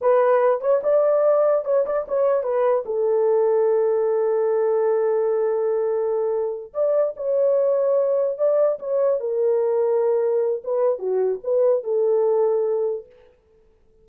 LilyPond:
\new Staff \with { instrumentName = "horn" } { \time 4/4 \tempo 4 = 147 b'4. cis''8 d''2 | cis''8 d''8 cis''4 b'4 a'4~ | a'1~ | a'1~ |
a'8 d''4 cis''2~ cis''8~ | cis''8 d''4 cis''4 ais'4.~ | ais'2 b'4 fis'4 | b'4 a'2. | }